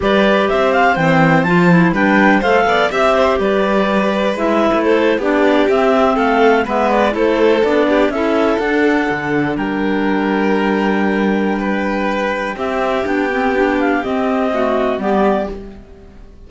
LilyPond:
<<
  \new Staff \with { instrumentName = "clarinet" } { \time 4/4 \tempo 4 = 124 d''4 e''8 f''8 g''4 a''4 | g''4 f''4 e''4 d''4~ | d''4 e''4 c''8. d''4 e''16~ | e''8. f''4 e''8 d''8 c''4 d''16~ |
d''8. e''4 fis''2 g''16~ | g''1~ | g''2 e''4 g''4~ | g''8 f''8 dis''2 d''4 | }
  \new Staff \with { instrumentName = "violin" } { \time 4/4 b'4 c''2. | b'4 c''8 d''8 e''8 c''8 b'4~ | b'2 a'8. g'4~ g'16~ | g'8. a'4 b'4 a'4~ a'16~ |
a'16 g'8 a'2. ais'16~ | ais'1 | b'2 g'2~ | g'2 fis'4 g'4 | }
  \new Staff \with { instrumentName = "clarinet" } { \time 4/4 g'2 c'4 f'8 e'8 | d'4 a'4 g'2~ | g'4 e'4.~ e'16 d'4 c'16~ | c'4.~ c'16 b4 e'4 d'16~ |
d'8. e'4 d'2~ d'16~ | d'1~ | d'2 c'4 d'8 c'8 | d'4 c'4 a4 b4 | }
  \new Staff \with { instrumentName = "cello" } { \time 4/4 g4 c'4 e4 f4 | g4 a8 b8 c'4 g4~ | g4 gis8. a4 b4 c'16~ | c'8. a4 gis4 a4 b16~ |
b8. cis'4 d'4 d4 g16~ | g1~ | g2 c'4 b4~ | b4 c'2 g4 | }
>>